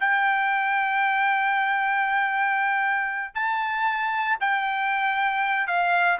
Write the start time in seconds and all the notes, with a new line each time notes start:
0.00 G5
3.35 A5
4.41 G5
5.67 F5